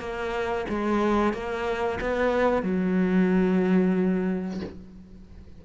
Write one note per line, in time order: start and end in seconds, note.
0.00 0.66 A#3
0.69 1.33 G#3
1.33 1.99 A#3
2.01 2.63 B3
2.63 4.60 F#3